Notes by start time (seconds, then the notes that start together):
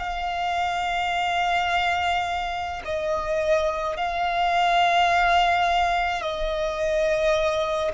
0.00 F5
2.85 D#5
3.97 F5
6.22 D#5